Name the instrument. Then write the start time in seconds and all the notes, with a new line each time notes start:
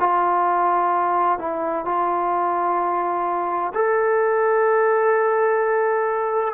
trombone
0.00 F4
1.39 E4
1.85 F4
3.75 A4